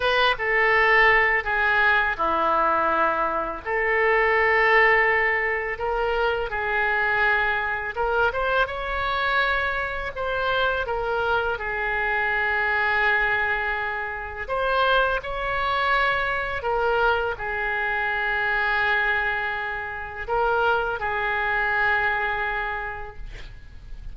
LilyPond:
\new Staff \with { instrumentName = "oboe" } { \time 4/4 \tempo 4 = 83 b'8 a'4. gis'4 e'4~ | e'4 a'2. | ais'4 gis'2 ais'8 c''8 | cis''2 c''4 ais'4 |
gis'1 | c''4 cis''2 ais'4 | gis'1 | ais'4 gis'2. | }